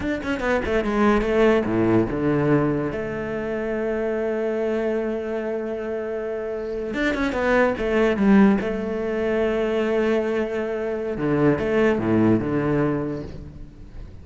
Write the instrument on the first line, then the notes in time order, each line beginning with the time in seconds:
cello
0.00 D4
0.23 C#4
0.39 B3
0.65 A3
0.84 G#3
1.21 A3
1.65 A2
2.10 D3
2.92 A3
6.93 D4
7.14 C#4
7.32 B3
7.78 A3
8.16 G3
8.60 A3
11.17 D3
11.58 A3
11.98 A2
12.40 D3